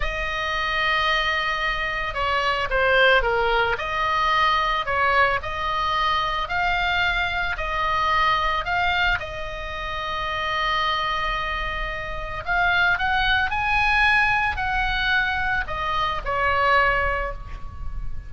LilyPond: \new Staff \with { instrumentName = "oboe" } { \time 4/4 \tempo 4 = 111 dis''1 | cis''4 c''4 ais'4 dis''4~ | dis''4 cis''4 dis''2 | f''2 dis''2 |
f''4 dis''2.~ | dis''2. f''4 | fis''4 gis''2 fis''4~ | fis''4 dis''4 cis''2 | }